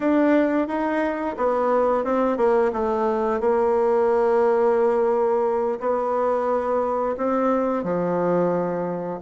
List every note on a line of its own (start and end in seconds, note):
0.00 0.67 D4
0.67 1.35 D#4
1.37 2.04 B3
2.04 2.37 C4
2.37 2.71 A#3
2.73 3.40 A3
3.40 5.79 A#3
5.80 7.16 B3
7.17 7.83 C4
7.83 9.20 F3